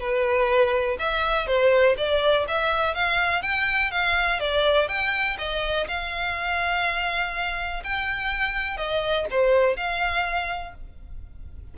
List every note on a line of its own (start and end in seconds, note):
0.00 0.98 B4
0.99 1.47 E5
1.47 1.96 C5
1.97 2.46 D5
2.48 2.95 E5
2.95 3.42 F5
3.42 3.91 G5
3.91 4.40 F5
4.40 4.88 D5
4.88 5.37 G5
5.38 5.87 D#5
5.88 7.83 F5
7.84 8.77 G5
8.77 9.26 D#5
9.31 9.77 C5
9.77 10.74 F5